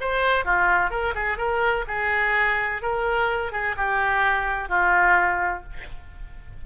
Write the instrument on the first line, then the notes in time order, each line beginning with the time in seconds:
oboe
0.00 C5
0.44 F4
0.90 A#4
1.14 G#4
1.37 A#4
1.87 G#4
2.82 A#4
3.52 G#4
3.76 G4
4.68 F4